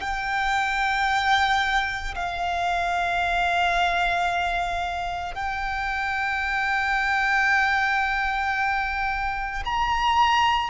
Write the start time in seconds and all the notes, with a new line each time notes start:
0.00 G5
2.15 F5
5.34 G5
9.65 A#5